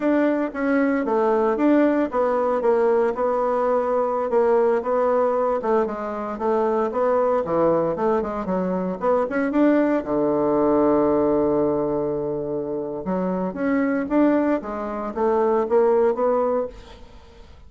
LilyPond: \new Staff \with { instrumentName = "bassoon" } { \time 4/4 \tempo 4 = 115 d'4 cis'4 a4 d'4 | b4 ais4 b2~ | b16 ais4 b4. a8 gis8.~ | gis16 a4 b4 e4 a8 gis16~ |
gis16 fis4 b8 cis'8 d'4 d8.~ | d1~ | d4 fis4 cis'4 d'4 | gis4 a4 ais4 b4 | }